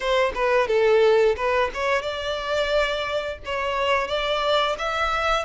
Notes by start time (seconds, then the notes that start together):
0.00 C5
0.34 B4
0.67 A4
1.36 B4
1.74 C#5
2.02 D5
3.45 C#5
4.07 D5
4.78 E5